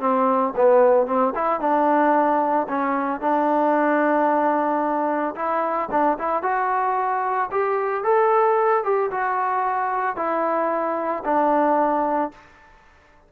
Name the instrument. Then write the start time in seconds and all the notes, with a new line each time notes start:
trombone
0.00 C4
0.56 B3
1.07 C4
1.35 E4
1.60 D4
2.69 C#4
3.21 D4
5.36 E4
5.91 D4
6.19 E4
6.43 F#4
7.52 G4
8.04 A4
8.84 G4
9.11 F#4
10.17 E4
11.25 D4